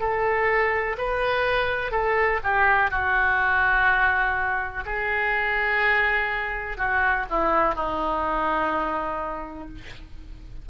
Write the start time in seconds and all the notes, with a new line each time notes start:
0.00 A4
0.98 B4
1.92 A4
2.44 G4
2.91 F#4
4.86 G#4
6.78 F#4
7.30 E4
7.75 D#4